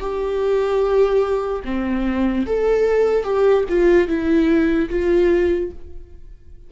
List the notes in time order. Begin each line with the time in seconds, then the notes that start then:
0.00 G4
1.64 C4
2.46 A4
3.24 G4
3.69 F4
4.08 E4
4.89 F4